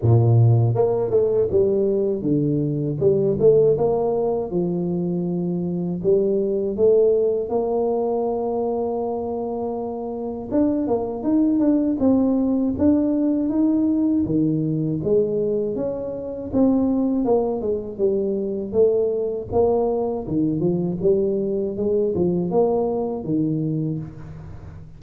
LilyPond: \new Staff \with { instrumentName = "tuba" } { \time 4/4 \tempo 4 = 80 ais,4 ais8 a8 g4 d4 | g8 a8 ais4 f2 | g4 a4 ais2~ | ais2 d'8 ais8 dis'8 d'8 |
c'4 d'4 dis'4 dis4 | gis4 cis'4 c'4 ais8 gis8 | g4 a4 ais4 dis8 f8 | g4 gis8 f8 ais4 dis4 | }